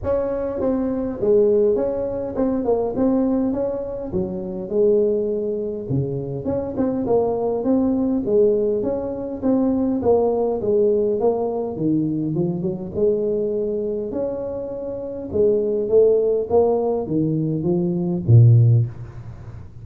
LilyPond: \new Staff \with { instrumentName = "tuba" } { \time 4/4 \tempo 4 = 102 cis'4 c'4 gis4 cis'4 | c'8 ais8 c'4 cis'4 fis4 | gis2 cis4 cis'8 c'8 | ais4 c'4 gis4 cis'4 |
c'4 ais4 gis4 ais4 | dis4 f8 fis8 gis2 | cis'2 gis4 a4 | ais4 dis4 f4 ais,4 | }